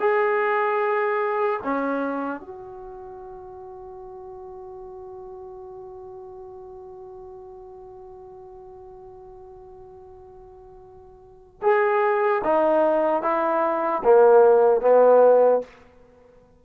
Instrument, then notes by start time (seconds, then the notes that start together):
trombone
0.00 G#4
1.64 C#4
2.41 F#4
11.62 G#4
12.44 D#4
13.23 E4
14.04 A#3
14.81 B3